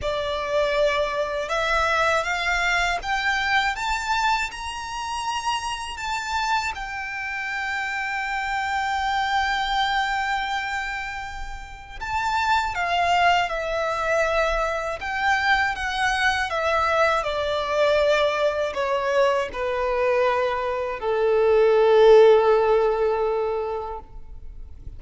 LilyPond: \new Staff \with { instrumentName = "violin" } { \time 4/4 \tempo 4 = 80 d''2 e''4 f''4 | g''4 a''4 ais''2 | a''4 g''2.~ | g''1 |
a''4 f''4 e''2 | g''4 fis''4 e''4 d''4~ | d''4 cis''4 b'2 | a'1 | }